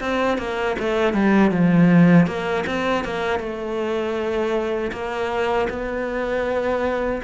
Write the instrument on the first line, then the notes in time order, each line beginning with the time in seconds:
cello
0.00 C4
0.38 A#3
0.79 A3
1.13 G3
1.51 F3
2.26 A#3
2.66 C4
3.04 A#3
3.39 A3
4.92 A#3
5.69 B3